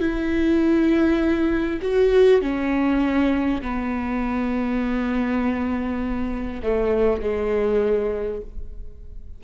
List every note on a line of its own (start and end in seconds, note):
0.00 1.80 E4
1.82 2.42 F#4
2.42 3.62 C#4
3.62 6.62 B3
6.63 7.22 A3
7.22 8.42 G#3